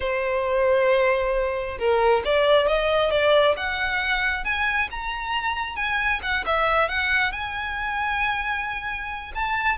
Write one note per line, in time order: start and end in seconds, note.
0.00 1.77 C5
1.78 2.23 A#4
2.24 2.67 D5
2.67 3.10 D#5
3.10 3.55 D5
3.56 4.44 F#5
4.44 4.88 G#5
4.91 5.76 A#5
5.76 6.20 G#5
6.22 6.44 F#5
6.45 6.88 E5
6.88 7.32 F#5
7.32 9.32 G#5
9.34 9.77 A5